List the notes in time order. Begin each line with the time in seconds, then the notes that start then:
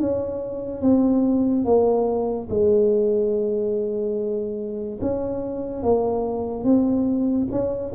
0.00 C#4
0.81 C4
1.65 A#3
2.50 G#3
5.01 C#4
5.83 A#3
6.64 C4
7.52 C#4